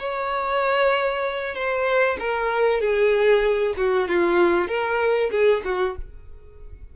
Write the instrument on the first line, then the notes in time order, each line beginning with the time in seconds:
violin
0.00 C#5
1.55 C5
2.20 A#4
2.81 G#4
3.77 F#4
4.09 F4
4.68 A#4
5.31 G#4
5.65 F#4